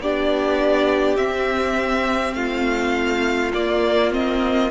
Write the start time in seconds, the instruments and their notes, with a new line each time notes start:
0.00 cello B3, viola D4, violin G4 D5
1.17 viola C4, cello C4, violin E5
2.34 cello A3, violin F4 F5
3.54 viola A#3, cello A#3, violin D5
4.12 viola C4, violin D#5